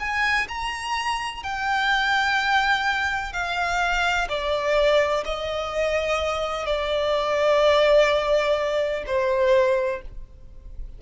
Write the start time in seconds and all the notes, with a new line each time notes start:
0.00 G#5
0.49 A#5
1.43 G5
3.33 F5
4.29 D5
5.25 D#5
6.66 D5
9.07 C5